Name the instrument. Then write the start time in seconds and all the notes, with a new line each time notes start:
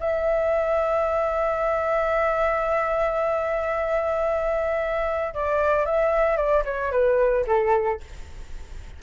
flute
0.00 E5
5.34 D5
5.85 E5
6.37 D5
6.65 C#5
6.92 B4
7.47 A4